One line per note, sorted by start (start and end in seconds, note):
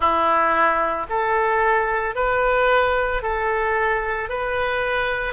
0.00 1.06 E4
1.09 2.15 A4
2.15 3.22 B4
3.22 4.29 A4
4.29 5.33 B4